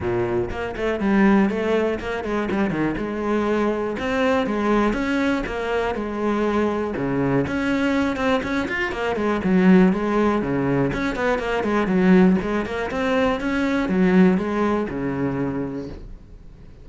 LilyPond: \new Staff \with { instrumentName = "cello" } { \time 4/4 \tempo 4 = 121 ais,4 ais8 a8 g4 a4 | ais8 gis8 g8 dis8 gis2 | c'4 gis4 cis'4 ais4 | gis2 cis4 cis'4~ |
cis'8 c'8 cis'8 f'8 ais8 gis8 fis4 | gis4 cis4 cis'8 b8 ais8 gis8 | fis4 gis8 ais8 c'4 cis'4 | fis4 gis4 cis2 | }